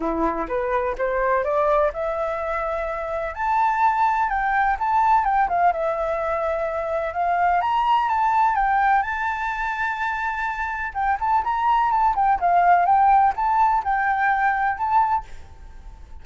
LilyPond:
\new Staff \with { instrumentName = "flute" } { \time 4/4 \tempo 4 = 126 e'4 b'4 c''4 d''4 | e''2. a''4~ | a''4 g''4 a''4 g''8 f''8 | e''2. f''4 |
ais''4 a''4 g''4 a''4~ | a''2. g''8 a''8 | ais''4 a''8 g''8 f''4 g''4 | a''4 g''2 a''4 | }